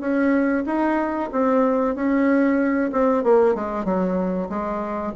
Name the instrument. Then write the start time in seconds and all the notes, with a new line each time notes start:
bassoon
0.00 C#4
0.66 D#4
1.32 C4
1.95 C#4
2.92 C4
3.23 A#3
3.55 G#3
3.85 F#3
4.49 G#3